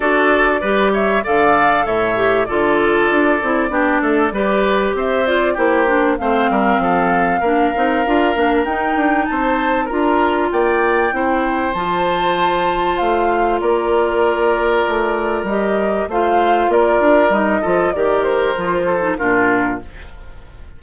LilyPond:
<<
  \new Staff \with { instrumentName = "flute" } { \time 4/4 \tempo 4 = 97 d''4. e''8 f''4 e''4 | d''1 | e''8 d''8 c''4 f''2~ | f''2 g''4 a''4 |
ais''4 g''2 a''4~ | a''4 f''4 d''2~ | d''4 dis''4 f''4 d''4 | dis''4 d''8 c''4. ais'4 | }
  \new Staff \with { instrumentName = "oboe" } { \time 4/4 a'4 b'8 cis''8 d''4 cis''4 | a'2 g'8 a'8 b'4 | c''4 g'4 c''8 ais'8 a'4 | ais'2. c''4 |
ais'4 d''4 c''2~ | c''2 ais'2~ | ais'2 c''4 ais'4~ | ais'8 a'8 ais'4. a'8 f'4 | }
  \new Staff \with { instrumentName = "clarinet" } { \time 4/4 fis'4 g'4 a'4. g'8 | f'4. e'8 d'4 g'4~ | g'8 f'8 e'8 d'8 c'2 | d'8 dis'8 f'8 d'8 dis'2 |
f'2 e'4 f'4~ | f'1~ | f'4 g'4 f'2 | dis'8 f'8 g'4 f'8. dis'16 d'4 | }
  \new Staff \with { instrumentName = "bassoon" } { \time 4/4 d'4 g4 d4 a,4 | d4 d'8 c'8 b8 a8 g4 | c'4 ais4 a8 g8 f4 | ais8 c'8 d'8 ais8 dis'8 d'8 c'4 |
d'4 ais4 c'4 f4~ | f4 a4 ais2 | a4 g4 a4 ais8 d'8 | g8 f8 dis4 f4 ais,4 | }
>>